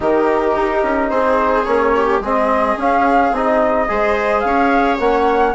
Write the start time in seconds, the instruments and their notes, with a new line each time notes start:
0.00 bassoon D#3, trombone D#4, viola G4, flute A#4
0.56 bassoon D#4
0.83 bassoon C#4
1.09 bassoon C4, viola G#4, flute C5
1.64 bassoon A#3, trombone C#4, flute C#5
1.96 viola G4
2.19 bassoon G#3, trombone C4, viola G#4, flute D#5
2.77 bassoon C#4, trombone C#4, flute F5
3.32 bassoon C4, trombone D#4, flute D#5
3.88 bassoon G#3, trombone G#4, viola C5
4.40 bassoon C#4, flute F5
4.46 viola C#5
4.99 bassoon A#3, trombone C#4, flute F#5